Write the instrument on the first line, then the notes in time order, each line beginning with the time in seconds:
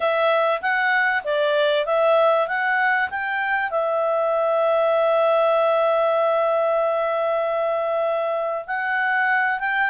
clarinet
0.00 E5
0.61 F#5
1.24 D5
1.85 E5
2.47 F#5
3.10 G5
3.70 E5
8.66 F#5
9.59 G5